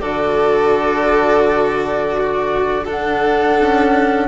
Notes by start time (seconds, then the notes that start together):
0.00 D3 F#4 A4 D5
2.17 F#4
2.84 D4 A4 F#5
3.59 C#4